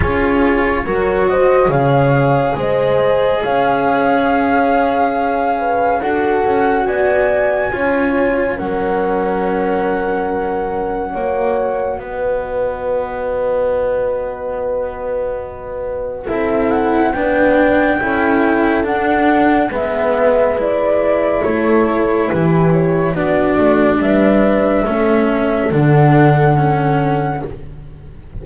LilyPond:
<<
  \new Staff \with { instrumentName = "flute" } { \time 4/4 \tempo 4 = 70 cis''4. dis''8 f''4 dis''4 | f''2. fis''4 | gis''2 fis''2~ | fis''2 dis''2~ |
dis''2. e''8 fis''8 | g''2 fis''4 e''4 | d''4 cis''4 b'8 cis''8 d''4 | e''2 fis''2 | }
  \new Staff \with { instrumentName = "horn" } { \time 4/4 gis'4 ais'8 c''8 cis''4 c''4 | cis''2~ cis''8 b'8 a'4 | d''4 cis''4 ais'2~ | ais'4 cis''4 b'2~ |
b'2. a'4 | b'4 a'2 b'4~ | b'4 a'4 g'4 fis'4 | b'4 a'2. | }
  \new Staff \with { instrumentName = "cello" } { \time 4/4 f'4 fis'4 gis'2~ | gis'2. fis'4~ | fis'4 f'4 cis'2~ | cis'4 fis'2.~ |
fis'2. e'4 | d'4 e'4 d'4 b4 | e'2. d'4~ | d'4 cis'4 d'4 cis'4 | }
  \new Staff \with { instrumentName = "double bass" } { \time 4/4 cis'4 fis4 cis4 gis4 | cis'2. d'8 cis'8 | b4 cis'4 fis2~ | fis4 ais4 b2~ |
b2. c'4 | b4 cis'4 d'4 gis4~ | gis4 a4 e4 b8 a8 | g4 a4 d2 | }
>>